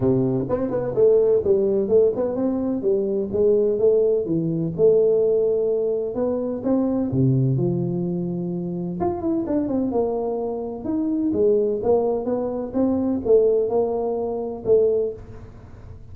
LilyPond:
\new Staff \with { instrumentName = "tuba" } { \time 4/4 \tempo 4 = 127 c4 c'8 b8 a4 g4 | a8 b8 c'4 g4 gis4 | a4 e4 a2~ | a4 b4 c'4 c4 |
f2. f'8 e'8 | d'8 c'8 ais2 dis'4 | gis4 ais4 b4 c'4 | a4 ais2 a4 | }